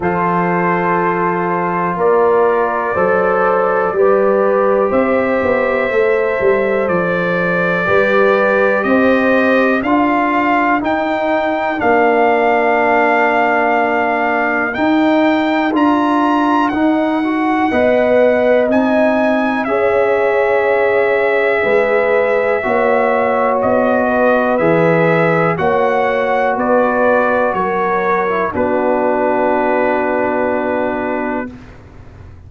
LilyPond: <<
  \new Staff \with { instrumentName = "trumpet" } { \time 4/4 \tempo 4 = 61 c''2 d''2~ | d''4 e''2 d''4~ | d''4 dis''4 f''4 g''4 | f''2. g''4 |
ais''4 fis''2 gis''4 | e''1 | dis''4 e''4 fis''4 d''4 | cis''4 b'2. | }
  \new Staff \with { instrumentName = "horn" } { \time 4/4 a'2 ais'4 c''4 | b'4 c''2. | b'4 c''4 ais'2~ | ais'1~ |
ais'2 dis''2 | cis''2 b'4 cis''4~ | cis''8 b'4. cis''4 b'4 | ais'4 fis'2. | }
  \new Staff \with { instrumentName = "trombone" } { \time 4/4 f'2. a'4 | g'2 a'2 | g'2 f'4 dis'4 | d'2. dis'4 |
f'4 dis'8 fis'8 b'4 dis'4 | gis'2. fis'4~ | fis'4 gis'4 fis'2~ | fis'8. e'16 d'2. | }
  \new Staff \with { instrumentName = "tuba" } { \time 4/4 f2 ais4 fis4 | g4 c'8 b8 a8 g8 f4 | g4 c'4 d'4 dis'4 | ais2. dis'4 |
d'4 dis'4 b4 c'4 | cis'2 gis4 ais4 | b4 e4 ais4 b4 | fis4 b2. | }
>>